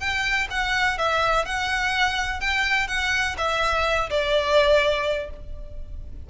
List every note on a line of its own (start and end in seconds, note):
0.00 0.48 G5
0.51 0.98 F#5
0.98 1.45 E5
1.45 2.41 F#5
2.41 2.88 G5
2.88 3.36 F#5
3.38 4.10 E5
4.10 5.30 D5